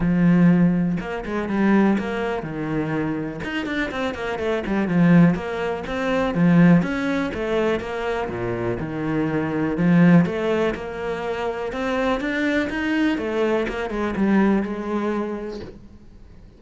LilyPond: \new Staff \with { instrumentName = "cello" } { \time 4/4 \tempo 4 = 123 f2 ais8 gis8 g4 | ais4 dis2 dis'8 d'8 | c'8 ais8 a8 g8 f4 ais4 | c'4 f4 cis'4 a4 |
ais4 ais,4 dis2 | f4 a4 ais2 | c'4 d'4 dis'4 a4 | ais8 gis8 g4 gis2 | }